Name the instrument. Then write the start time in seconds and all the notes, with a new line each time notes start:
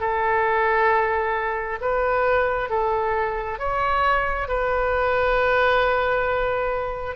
oboe
0.00 A4
1.81 B4
2.69 A4
3.59 C#5
4.48 B4